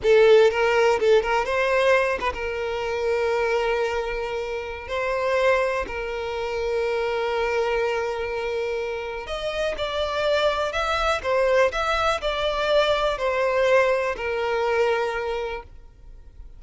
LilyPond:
\new Staff \with { instrumentName = "violin" } { \time 4/4 \tempo 4 = 123 a'4 ais'4 a'8 ais'8 c''4~ | c''8 b'16 ais'2.~ ais'16~ | ais'2 c''2 | ais'1~ |
ais'2. dis''4 | d''2 e''4 c''4 | e''4 d''2 c''4~ | c''4 ais'2. | }